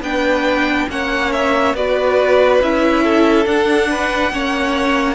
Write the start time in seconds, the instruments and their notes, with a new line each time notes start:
0.00 cello B3, viola D4, violin B4 G5
0.89 cello A#3, viola C#4, violin C#5 F#5
1.32 violin E5
1.74 cello B3, viola F#4, violin B4 D5
2.61 cello C#4, viola E4, violin E5
3.03 violin A4
3.44 viola D4, cello D4, violin F#5
3.89 violin B4
4.31 cello A#3, viola C#4, violin C#5